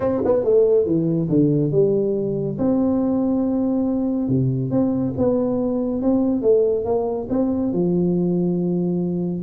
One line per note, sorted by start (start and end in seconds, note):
0.00 0.21 C4
0.25 0.44 B3
0.44 0.86 A3
0.86 1.29 E3
1.29 1.71 D3
1.71 2.57 G3
2.58 4.28 C4
4.28 4.70 C3
4.70 5.13 C4
5.17 6.01 B3
6.01 6.41 C4
6.41 6.84 A3
6.84 7.27 A#3
7.29 7.72 C4
7.72 9.42 F3